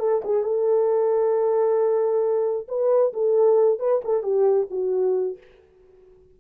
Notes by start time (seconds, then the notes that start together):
0.00 A4
0.25 G#4
0.44 A4
2.68 B4
3.13 A4
3.80 B4
4.05 A4
4.23 G4
4.71 F#4